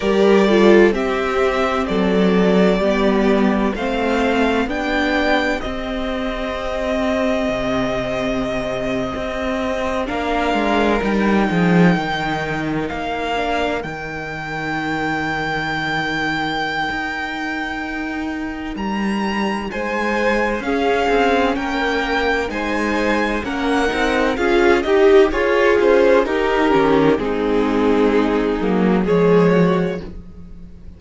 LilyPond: <<
  \new Staff \with { instrumentName = "violin" } { \time 4/4 \tempo 4 = 64 d''4 e''4 d''2 | f''4 g''4 dis''2~ | dis''2~ dis''8. f''4 g''16~ | g''4.~ g''16 f''4 g''4~ g''16~ |
g''1 | ais''4 gis''4 f''4 g''4 | gis''4 fis''4 f''8 dis''8 cis''8 c''8 | ais'4 gis'2 cis''4 | }
  \new Staff \with { instrumentName = "violin" } { \time 4/4 ais'8 a'8 g'4 a'4 g'4 | c''4 g'2.~ | g'2~ g'8. ais'4~ ais'16~ | ais'16 gis'8 ais'2.~ ais'16~ |
ais'1~ | ais'4 c''4 gis'4 ais'4 | c''4 ais'4 gis'8 g'8 f'4 | g'4 dis'2 gis'8 fis'8 | }
  \new Staff \with { instrumentName = "viola" } { \time 4/4 g'8 f'8 c'2 b4 | c'4 d'4 c'2~ | c'2~ c'8. d'4 dis'16~ | dis'2~ dis'16 d'8 dis'4~ dis'16~ |
dis'1~ | dis'2 cis'2 | dis'4 cis'8 dis'8 f'8 g'8 gis'4 | dis'8 cis'8 c'4. ais8 gis4 | }
  \new Staff \with { instrumentName = "cello" } { \time 4/4 g4 c'4 fis4 g4 | a4 b4 c'2 | c4.~ c16 c'4 ais8 gis8 g16~ | g16 f8 dis4 ais4 dis4~ dis16~ |
dis2 dis'2 | g4 gis4 cis'8 c'8 ais4 | gis4 ais8 c'8 cis'8 dis'8 f'8 cis'8 | dis'8 dis8 gis4. fis8 f4 | }
>>